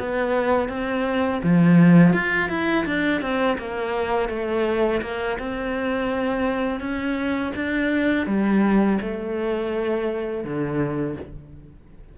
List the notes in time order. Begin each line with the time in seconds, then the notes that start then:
0.00 B3
0.69 C4
1.43 F3
2.14 F4
2.50 E4
2.86 D4
3.22 C4
3.59 A#3
4.30 A3
5.02 A#3
5.40 C4
6.81 C#4
7.56 D4
8.27 G3
9.02 A3
10.45 D3